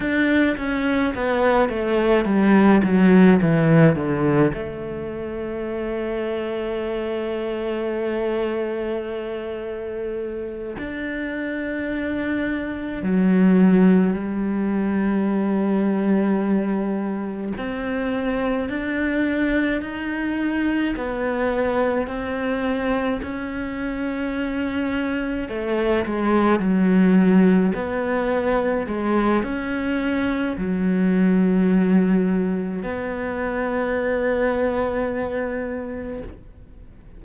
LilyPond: \new Staff \with { instrumentName = "cello" } { \time 4/4 \tempo 4 = 53 d'8 cis'8 b8 a8 g8 fis8 e8 d8 | a1~ | a4. d'2 fis8~ | fis8 g2. c'8~ |
c'8 d'4 dis'4 b4 c'8~ | c'8 cis'2 a8 gis8 fis8~ | fis8 b4 gis8 cis'4 fis4~ | fis4 b2. | }